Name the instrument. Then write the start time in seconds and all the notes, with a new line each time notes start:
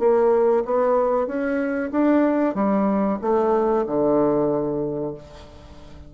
bassoon
0.00 A#3
0.66 B3
1.27 C#4
1.92 D4
2.55 G3
3.22 A3
3.87 D3